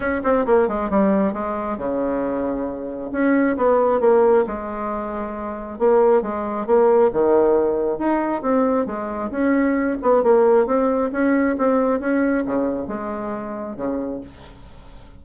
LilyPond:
\new Staff \with { instrumentName = "bassoon" } { \time 4/4 \tempo 4 = 135 cis'8 c'8 ais8 gis8 g4 gis4 | cis2. cis'4 | b4 ais4 gis2~ | gis4 ais4 gis4 ais4 |
dis2 dis'4 c'4 | gis4 cis'4. b8 ais4 | c'4 cis'4 c'4 cis'4 | cis4 gis2 cis4 | }